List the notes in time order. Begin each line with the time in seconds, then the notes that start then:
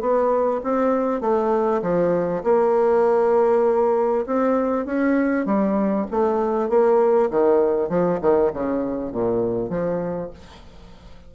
0.00 B3
0.63 C4
1.21 A3
1.82 F3
2.43 A#3
4.26 C4
4.86 C#4
5.45 G3
6.11 A3
6.69 A#3
7.30 D#3
7.89 F3
8.21 D#3
8.53 C#3
9.12 A#2
9.69 F3